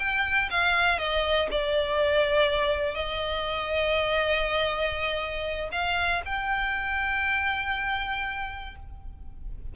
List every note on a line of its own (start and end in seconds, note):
0.00 0.50 G5
0.51 0.99 F5
0.99 1.49 D#5
1.51 2.95 D5
2.95 5.70 D#5
5.72 6.22 F5
6.26 8.76 G5